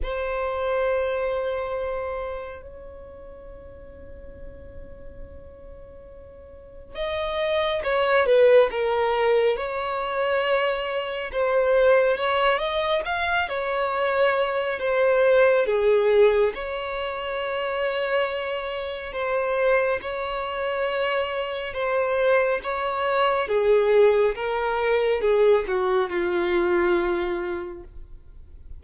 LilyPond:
\new Staff \with { instrumentName = "violin" } { \time 4/4 \tempo 4 = 69 c''2. cis''4~ | cis''1 | dis''4 cis''8 b'8 ais'4 cis''4~ | cis''4 c''4 cis''8 dis''8 f''8 cis''8~ |
cis''4 c''4 gis'4 cis''4~ | cis''2 c''4 cis''4~ | cis''4 c''4 cis''4 gis'4 | ais'4 gis'8 fis'8 f'2 | }